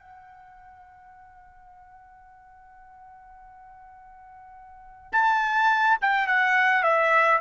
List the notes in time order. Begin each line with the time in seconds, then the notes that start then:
0.00 F#5
5.12 A5
6.02 G5
6.28 F#5
6.83 E5